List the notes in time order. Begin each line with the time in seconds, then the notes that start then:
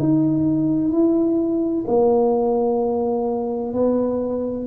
0.00 D#4
0.92 E4
1.87 A#3
3.74 B3